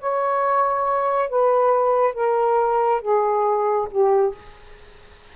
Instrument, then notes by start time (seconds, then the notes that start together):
saxophone
0.00 C#5
1.30 B4
2.14 A#4
3.02 G#4
3.91 G4